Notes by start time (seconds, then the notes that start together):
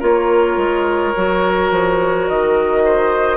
0.00 A#3 F4 A#4 C#5
0.57 G#3
1.16 F#3 F#4
1.71 F3
2.28 D#3 D#5
2.85 C5